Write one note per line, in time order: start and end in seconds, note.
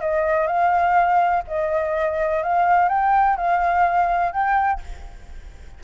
0.00 0.47 D#5
0.47 1.43 F5
1.47 2.43 D#5
2.43 2.88 F5
2.88 3.36 G5
3.36 4.32 F5
4.32 4.80 G5